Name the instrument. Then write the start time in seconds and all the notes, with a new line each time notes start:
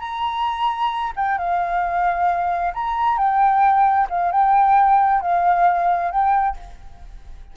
flute
0.00 A#5
1.16 G5
1.38 F5
2.74 A#5
3.18 G5
4.10 F5
4.32 G5
5.21 F5
6.12 G5